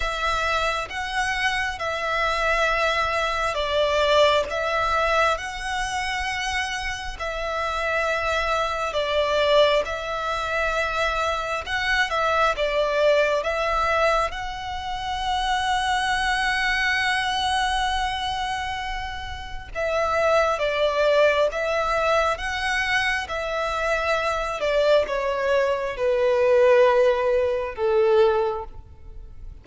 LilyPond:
\new Staff \with { instrumentName = "violin" } { \time 4/4 \tempo 4 = 67 e''4 fis''4 e''2 | d''4 e''4 fis''2 | e''2 d''4 e''4~ | e''4 fis''8 e''8 d''4 e''4 |
fis''1~ | fis''2 e''4 d''4 | e''4 fis''4 e''4. d''8 | cis''4 b'2 a'4 | }